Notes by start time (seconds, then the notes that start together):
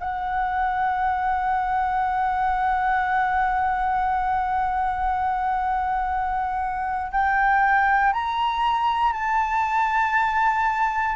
0.00 F#5
7.12 G5
8.14 A#5
9.13 A5